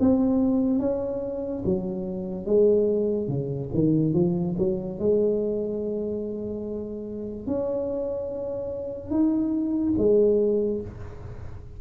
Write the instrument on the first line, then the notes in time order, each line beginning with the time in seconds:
tuba
0.00 C4
0.80 C#4
1.65 F#3
2.46 G#3
3.28 C#3
3.73 D#3
4.13 F3
4.58 F#3
4.99 G#3
7.47 C#4
9.11 D#4
9.98 G#3